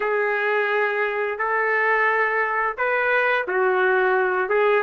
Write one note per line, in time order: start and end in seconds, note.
0.00 1.38 G#4
1.38 2.76 A4
2.77 3.46 B4
3.47 4.49 F#4
4.49 4.82 G#4